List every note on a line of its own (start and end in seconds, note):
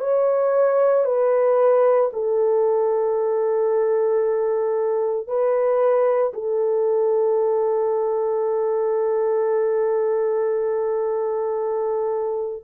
0.00 1.05 C#5
1.05 2.10 B4
2.13 5.27 A4
5.27 6.32 B4
6.33 12.63 A4